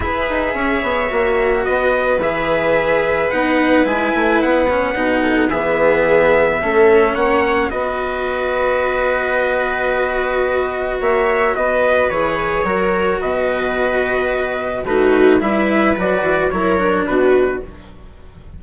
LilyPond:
<<
  \new Staff \with { instrumentName = "trumpet" } { \time 4/4 \tempo 4 = 109 e''2. dis''4 | e''2 fis''4 gis''4 | fis''2 e''2~ | e''4 fis''4 dis''2~ |
dis''1 | e''4 dis''4 cis''2 | dis''2. b'4 | e''4 d''4 cis''4 b'4 | }
  \new Staff \with { instrumentName = "viola" } { \time 4/4 b'4 cis''2 b'4~ | b'1~ | b'4. a'8 gis'2 | a'4 cis''4 b'2~ |
b'1 | cis''4 b'2 ais'4 | b'2. fis'4 | b'2 ais'4 fis'4 | }
  \new Staff \with { instrumentName = "cello" } { \time 4/4 gis'2 fis'2 | gis'2 dis'4 e'4~ | e'8 cis'8 dis'4 b2 | cis'2 fis'2~ |
fis'1~ | fis'2 gis'4 fis'4~ | fis'2. dis'4 | e'4 fis'4 e'8 d'4. | }
  \new Staff \with { instrumentName = "bassoon" } { \time 4/4 e'8 dis'8 cis'8 b8 ais4 b4 | e2 b4 gis8 a8 | b4 b,4 e2 | a4 ais4 b2~ |
b1 | ais4 b4 e4 fis4 | b,2. a4 | g4 fis8 e8 fis4 b,4 | }
>>